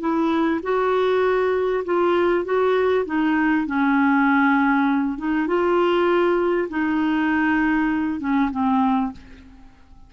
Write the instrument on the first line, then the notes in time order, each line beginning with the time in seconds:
clarinet
0.00 E4
0.63 F#4
1.85 F4
2.45 F#4
3.06 D#4
3.66 C#4
5.18 D#4
5.47 F4
6.69 D#4
8.20 C#4
8.51 C4